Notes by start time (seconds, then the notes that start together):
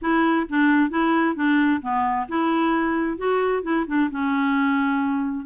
0.01 E4
0.49 D4
0.90 E4
1.35 D4
1.81 B3
2.28 E4
3.17 F#4
3.62 E4
3.87 D4
4.10 C#4